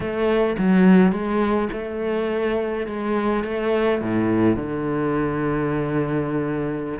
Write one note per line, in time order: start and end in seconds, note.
0.00 0.56 A3
0.58 1.11 F#3
1.11 1.69 G#3
1.72 2.86 A3
2.86 3.44 G#3
3.44 4.01 A3
4.01 4.56 A2
4.56 6.99 D3